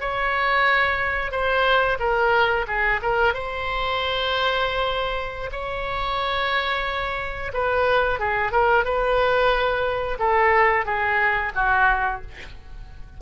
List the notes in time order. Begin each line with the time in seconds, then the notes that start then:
0.00 C#5
1.31 C5
1.99 A#4
2.67 G#4
3.02 A#4
3.34 C5
5.52 C#5
7.53 B4
8.19 G#4
8.52 A#4
8.85 B4
10.19 A4
10.85 G#4
11.55 F#4